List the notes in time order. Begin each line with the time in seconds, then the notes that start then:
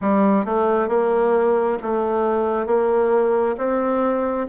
0.01 G3
0.45 A3
0.88 A#3
1.82 A3
2.66 A#3
3.57 C4